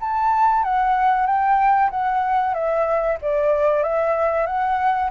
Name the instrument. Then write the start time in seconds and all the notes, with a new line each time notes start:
flute
0.00 A5
0.63 F#5
1.26 G5
1.90 F#5
2.54 E5
3.21 D5
3.82 E5
4.46 F#5